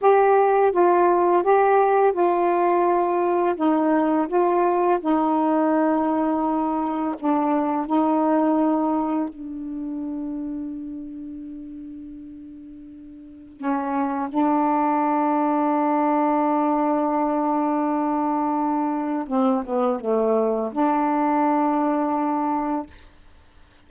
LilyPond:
\new Staff \with { instrumentName = "saxophone" } { \time 4/4 \tempo 4 = 84 g'4 f'4 g'4 f'4~ | f'4 dis'4 f'4 dis'4~ | dis'2 d'4 dis'4~ | dis'4 d'2.~ |
d'2. cis'4 | d'1~ | d'2. c'8 b8 | a4 d'2. | }